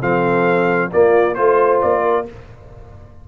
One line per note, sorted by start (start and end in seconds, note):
0.00 0.91 F3
0.00 0.90 C4
0.00 0.90 A4
0.00 0.91 F5
0.91 1.35 A#3
0.91 1.38 A#3
0.91 1.36 F4
0.91 1.34 D5
1.34 1.83 A3
1.34 2.25 F4
1.34 1.79 C5
1.34 2.02 C5
1.82 2.28 A#3
1.82 2.26 D5
2.02 2.24 A#4